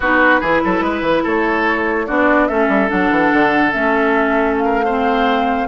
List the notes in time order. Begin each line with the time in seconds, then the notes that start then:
0.00 B3 D#4 F#4 B4
0.40 E3 E4 G#4
0.64 F#3 A4
0.81 G#3 B4
1.01 E3
1.23 A3 A4 C#5
2.06 B3 D4 F#4 D5
2.47 A3 C#4 A4 E5
2.68 G3
2.88 F#3 D4 F#5
3.10 E3
3.33 D3
3.71 A3 C#4 E5
4.57 F5
4.64 A#4
4.84 C4 C5